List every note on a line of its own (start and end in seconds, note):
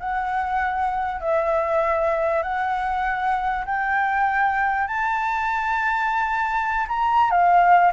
0.00 1.21 F#5
1.21 2.43 E5
2.43 3.66 F#5
3.66 4.88 G5
4.88 6.87 A5
6.88 7.31 A#5
7.31 7.92 F5